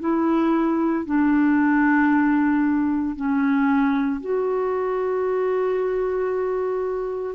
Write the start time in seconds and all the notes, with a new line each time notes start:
0.00 E4
1.05 D4
3.16 C#4
4.21 F#4